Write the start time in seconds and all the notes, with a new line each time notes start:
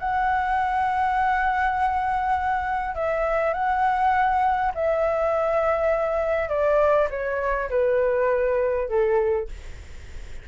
0.00 F#5
2.95 E5
3.54 F#5
4.75 E5
6.49 D5
7.11 C#5
7.70 B4
8.89 A4